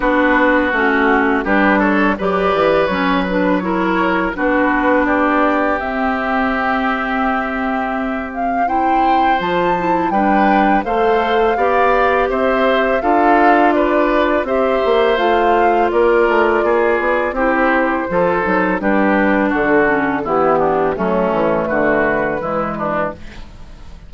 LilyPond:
<<
  \new Staff \with { instrumentName = "flute" } { \time 4/4 \tempo 4 = 83 b'4 fis'4 b'8 cis''8 d''4 | cis''8 b'8 cis''4 b'4 d''4 | e''2.~ e''8 f''8 | g''4 a''4 g''4 f''4~ |
f''4 e''4 f''4 d''4 | e''4 f''4 d''2 | c''2 b'4 a'4 | g'4 a'4 b'2 | }
  \new Staff \with { instrumentName = "oboe" } { \time 4/4 fis'2 g'8 a'8 b'4~ | b'4 ais'4 fis'4 g'4~ | g'1 | c''2 b'4 c''4 |
d''4 c''4 a'4 b'4 | c''2 ais'4 gis'4 | g'4 a'4 g'4 fis'4 | e'8 d'8 cis'4 fis'4 e'8 d'8 | }
  \new Staff \with { instrumentName = "clarinet" } { \time 4/4 d'4 cis'4 d'4 g'4 | cis'8 d'8 e'4 d'2 | c'1 | e'4 f'8 e'8 d'4 a'4 |
g'2 f'2 | g'4 f'2. | e'4 f'8 dis'8 d'4. cis'8 | b4 a2 gis4 | }
  \new Staff \with { instrumentName = "bassoon" } { \time 4/4 b4 a4 g4 fis8 e8 | fis2 b2 | c'1~ | c'4 f4 g4 a4 |
b4 c'4 d'2 | c'8 ais8 a4 ais8 a8 ais8 b8 | c'4 f8 fis8 g4 d4 | e4 fis8 e8 d4 e4 | }
>>